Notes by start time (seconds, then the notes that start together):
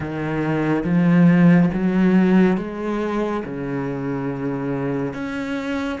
0.00 D#3
0.84 F3
1.73 F#3
2.57 G#3
3.44 C#3
5.13 C#4